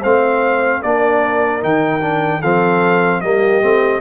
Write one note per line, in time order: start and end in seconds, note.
0.00 0.83 A3
0.00 0.84 C4
0.00 0.80 C5
0.00 0.82 F5
0.82 1.63 A#3
0.82 1.61 D4
0.82 2.40 A#4
0.82 1.62 D5
1.61 2.43 D#3
1.61 2.01 D#4
1.61 2.42 G5
2.01 2.41 D4
2.40 3.23 F3
2.40 3.24 C4
2.40 3.20 A4
2.40 3.21 F5
3.21 3.63 G3
3.21 3.62 A#3
3.21 4.01 G4
3.21 4.01 D#5
3.62 4.01 A3
3.62 4.01 C4